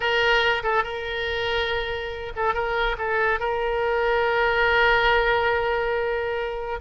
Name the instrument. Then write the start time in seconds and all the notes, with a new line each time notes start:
oboe
0.00 A#4
0.63 A4
0.83 A#4
2.36 A4
2.54 A#4
2.97 A4
3.39 A#4